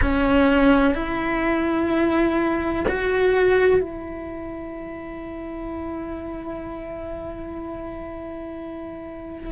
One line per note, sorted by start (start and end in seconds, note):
0.01 0.94 C#4
0.94 2.84 E4
2.88 3.80 F#4
3.80 9.52 E4